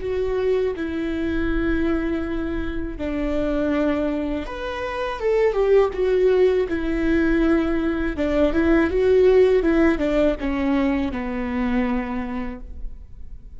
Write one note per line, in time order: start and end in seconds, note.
0.00 0.74 F#4
0.76 2.98 E4
2.98 4.46 D4
4.46 5.20 B4
5.20 5.53 A4
5.53 5.90 G4
5.93 6.67 F#4
6.68 8.16 E4
8.16 8.53 D4
8.53 8.90 E4
8.90 9.62 F#4
9.62 9.98 E4
9.98 10.35 D4
10.40 11.11 C#4
11.11 12.60 B3